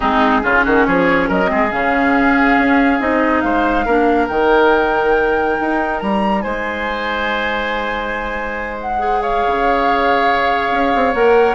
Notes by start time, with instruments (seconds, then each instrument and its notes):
0.00 bassoon G#3, clarinet C4, oboe D#4, flute G#4
0.42 bassoon C#3, clarinet C#4, oboe F4
0.65 bassoon D#3, oboe F#4
0.85 bassoon F3, oboe G#4, flute C#5
1.28 bassoon F#3, oboe A#4, flute D#5
1.47 bassoon G#3, clarinet C4, oboe G#4
1.71 bassoon C#3, clarinet C#4, flute F5
2.58 bassoon C#4
3.00 bassoon C4, clarinet D#4, flute D#5
3.40 bassoon G#3, oboe C5, flute F5
3.85 bassoon A#3, clarinet D4, oboe A#4
4.28 bassoon D#3, clarinet D#4, flute G5
5.60 bassoon D#4
5.99 bassoon G3, flute A#5
6.41 bassoon G#3, oboe C5, flute G#5
8.81 flute F#5
8.99 clarinet G#4
9.21 oboe C#5, flute F5
9.46 bassoon C#3
10.71 bassoon C#4
10.95 bassoon C4
11.13 bassoon A#3, clarinet A#4, flute F#5